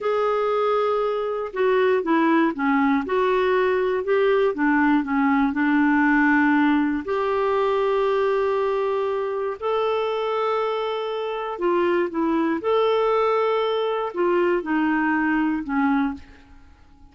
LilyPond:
\new Staff \with { instrumentName = "clarinet" } { \time 4/4 \tempo 4 = 119 gis'2. fis'4 | e'4 cis'4 fis'2 | g'4 d'4 cis'4 d'4~ | d'2 g'2~ |
g'2. a'4~ | a'2. f'4 | e'4 a'2. | f'4 dis'2 cis'4 | }